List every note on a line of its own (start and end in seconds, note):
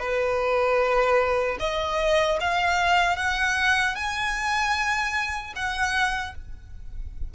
0.00 1.58 B4
1.60 2.39 D#5
2.40 3.17 F5
3.17 3.95 F#5
3.95 5.53 G#5
5.56 6.35 F#5